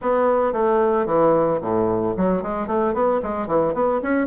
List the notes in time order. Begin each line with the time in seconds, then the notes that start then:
0.01 B3
0.52 A3
1.06 E3
1.61 A2
2.16 F#3
2.42 G#3
2.67 A3
2.93 B3
3.22 G#3
3.47 E3
3.74 B3
4.02 C#4